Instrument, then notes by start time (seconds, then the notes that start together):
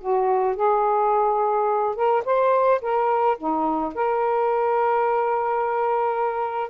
saxophone
0.00 F#4
0.56 G#4
1.95 A#4
2.25 C5
2.81 A#4
3.37 D#4
3.94 A#4